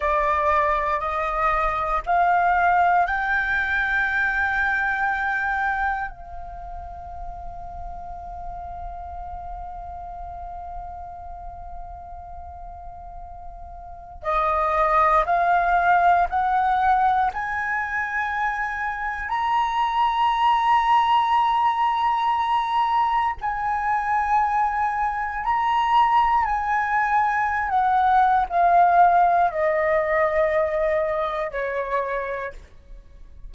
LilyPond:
\new Staff \with { instrumentName = "flute" } { \time 4/4 \tempo 4 = 59 d''4 dis''4 f''4 g''4~ | g''2 f''2~ | f''1~ | f''2 dis''4 f''4 |
fis''4 gis''2 ais''4~ | ais''2. gis''4~ | gis''4 ais''4 gis''4~ gis''16 fis''8. | f''4 dis''2 cis''4 | }